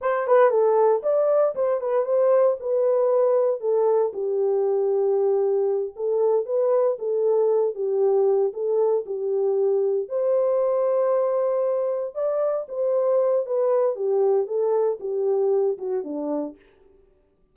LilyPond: \new Staff \with { instrumentName = "horn" } { \time 4/4 \tempo 4 = 116 c''8 b'8 a'4 d''4 c''8 b'8 | c''4 b'2 a'4 | g'2.~ g'8 a'8~ | a'8 b'4 a'4. g'4~ |
g'8 a'4 g'2 c''8~ | c''2.~ c''8 d''8~ | d''8 c''4. b'4 g'4 | a'4 g'4. fis'8 d'4 | }